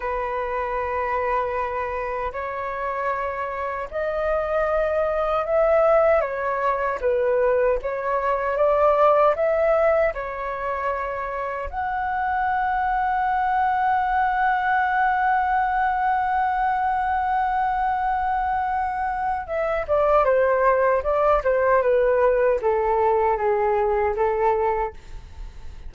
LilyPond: \new Staff \with { instrumentName = "flute" } { \time 4/4 \tempo 4 = 77 b'2. cis''4~ | cis''4 dis''2 e''4 | cis''4 b'4 cis''4 d''4 | e''4 cis''2 fis''4~ |
fis''1~ | fis''1~ | fis''4 e''8 d''8 c''4 d''8 c''8 | b'4 a'4 gis'4 a'4 | }